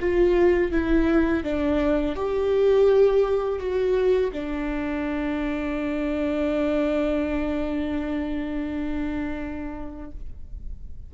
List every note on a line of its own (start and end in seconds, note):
0.00 0.72 F4
0.72 1.44 E4
1.44 2.16 D4
2.16 3.60 G4
3.60 4.32 F#4
4.33 10.11 D4